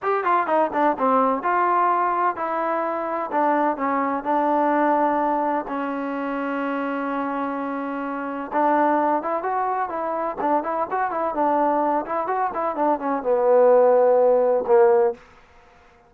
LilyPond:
\new Staff \with { instrumentName = "trombone" } { \time 4/4 \tempo 4 = 127 g'8 f'8 dis'8 d'8 c'4 f'4~ | f'4 e'2 d'4 | cis'4 d'2. | cis'1~ |
cis'2 d'4. e'8 | fis'4 e'4 d'8 e'8 fis'8 e'8 | d'4. e'8 fis'8 e'8 d'8 cis'8 | b2. ais4 | }